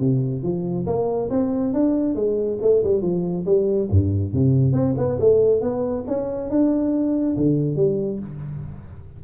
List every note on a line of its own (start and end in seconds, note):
0.00 0.43 C3
0.43 0.86 F3
0.87 1.30 A#3
1.30 1.73 C4
1.74 2.16 D4
2.16 2.59 G#3
2.62 2.84 A3
2.84 3.03 G3
3.03 3.46 F3
3.46 3.89 G3
3.91 4.34 G2
4.34 4.73 C3
4.73 4.95 C4
4.98 5.19 B3
5.21 5.62 A3
5.62 6.05 B3
6.07 6.51 C#4
6.51 7.37 D4
7.37 7.76 D3
7.76 8.20 G3